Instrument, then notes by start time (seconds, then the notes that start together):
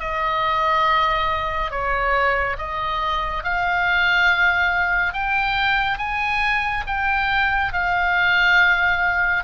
oboe
0.00 D#5
1.71 C#5
2.59 D#5
3.44 F5
5.14 G5
5.99 G#5
6.87 G5
7.73 F5